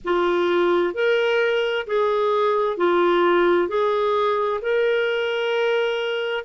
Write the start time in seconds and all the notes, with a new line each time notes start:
0.04 F4
0.94 A#4
1.87 G#4
2.77 F4
3.68 G#4
4.62 A#4